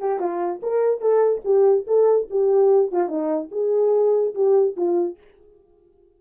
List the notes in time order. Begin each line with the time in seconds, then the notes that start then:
0.00 G4
0.19 F4
0.62 A#4
1.01 A4
1.45 G4
1.87 A4
2.30 G4
2.92 F4
3.09 D#4
3.51 G#4
4.35 G4
4.77 F4